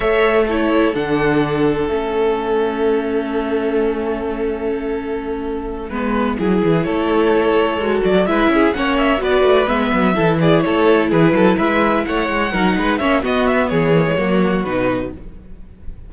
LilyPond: <<
  \new Staff \with { instrumentName = "violin" } { \time 4/4 \tempo 4 = 127 e''4 cis''4 fis''2 | e''1~ | e''1~ | e''2~ e''8 cis''4.~ |
cis''4 d''8 e''4 fis''8 e''8 d''8~ | d''8 e''4. d''8 cis''4 b'8~ | b'8 e''4 fis''2 e''8 | dis''8 e''8 cis''2 b'4 | }
  \new Staff \with { instrumentName = "violin" } { \time 4/4 cis''4 a'2.~ | a'1~ | a'1~ | a'8 b'4 gis'4 a'4.~ |
a'4. b'8 gis'8 cis''4 b'8~ | b'4. a'8 gis'8 a'4 gis'8 | a'8 b'4 cis''4 ais'8 b'8 cis''8 | fis'4 gis'4 fis'2 | }
  \new Staff \with { instrumentName = "viola" } { \time 4/4 a'4 e'4 d'2 | cis'1~ | cis'1~ | cis'8 b4 e'2~ e'8~ |
e'8 fis'4 e'4 cis'4 fis'8~ | fis'8 b4 e'2~ e'8~ | e'2~ e'8 dis'4 cis'8 | b4. ais16 gis16 ais4 dis'4 | }
  \new Staff \with { instrumentName = "cello" } { \time 4/4 a2 d2 | a1~ | a1~ | a8 gis4 fis8 e8 a4.~ |
a8 gis8 fis8 gis8 cis'8 ais4 b8 | a8 gis8 fis8 e4 a4 e8 | fis8 gis4 a8 gis8 fis8 gis8 ais8 | b4 e4 fis4 b,4 | }
>>